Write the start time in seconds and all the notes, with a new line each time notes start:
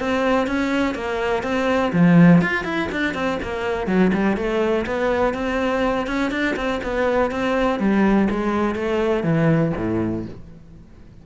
0.00 C4
0.47 C#4
0.95 A#3
1.43 C4
1.93 F3
2.42 F4
2.64 E4
2.92 D4
3.14 C4
3.43 A#3
3.87 F#3
4.14 G3
4.37 A3
4.87 B3
5.34 C4
6.07 C#4
6.31 D4
6.56 C4
6.84 B3
7.31 C4
7.80 G3
8.30 G#3
8.75 A3
9.24 E3
9.77 A2